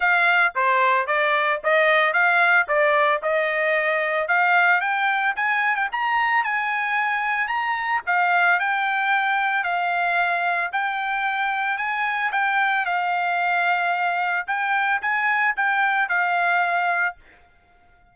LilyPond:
\new Staff \with { instrumentName = "trumpet" } { \time 4/4 \tempo 4 = 112 f''4 c''4 d''4 dis''4 | f''4 d''4 dis''2 | f''4 g''4 gis''8. g''16 ais''4 | gis''2 ais''4 f''4 |
g''2 f''2 | g''2 gis''4 g''4 | f''2. g''4 | gis''4 g''4 f''2 | }